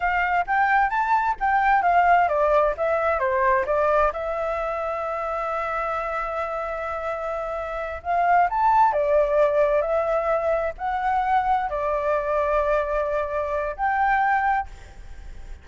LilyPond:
\new Staff \with { instrumentName = "flute" } { \time 4/4 \tempo 4 = 131 f''4 g''4 a''4 g''4 | f''4 d''4 e''4 c''4 | d''4 e''2.~ | e''1~ |
e''4. f''4 a''4 d''8~ | d''4. e''2 fis''8~ | fis''4. d''2~ d''8~ | d''2 g''2 | }